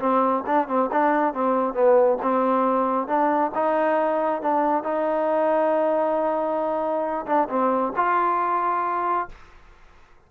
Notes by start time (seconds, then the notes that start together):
0.00 C4
0.47 D4
0.68 C4
0.92 D4
1.34 C4
1.74 B3
2.23 C4
3.08 D4
3.55 D#4
4.42 D4
4.84 D#4
7.27 D4
7.49 C4
7.97 F4